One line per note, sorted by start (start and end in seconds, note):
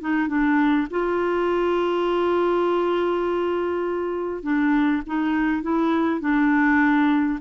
0.00 0.28 D#4
0.28 0.87 D4
0.90 4.43 F4
4.43 5.02 D4
5.06 5.62 D#4
5.62 6.20 E4
6.20 7.39 D4